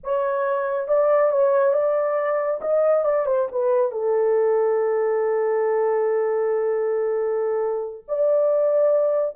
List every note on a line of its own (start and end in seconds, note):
0.03 0.88 C#5
0.88 1.31 D5
1.31 1.73 C#5
1.73 2.60 D5
2.61 3.04 D#5
3.04 3.26 D5
3.26 3.47 C5
3.51 3.91 B4
3.91 8.04 A4
8.08 9.35 D5